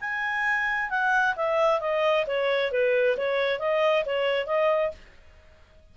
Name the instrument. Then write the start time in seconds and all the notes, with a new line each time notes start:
clarinet
0.00 G#5
0.90 F#5
1.36 E5
1.80 D#5
2.26 C#5
2.71 B4
3.17 C#5
3.59 D#5
4.05 C#5
4.46 D#5